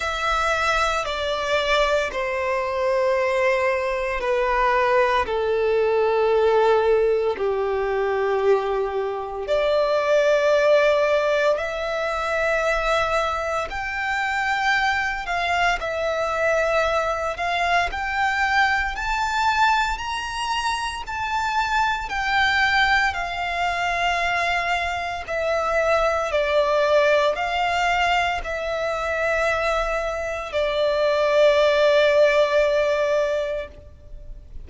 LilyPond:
\new Staff \with { instrumentName = "violin" } { \time 4/4 \tempo 4 = 57 e''4 d''4 c''2 | b'4 a'2 g'4~ | g'4 d''2 e''4~ | e''4 g''4. f''8 e''4~ |
e''8 f''8 g''4 a''4 ais''4 | a''4 g''4 f''2 | e''4 d''4 f''4 e''4~ | e''4 d''2. | }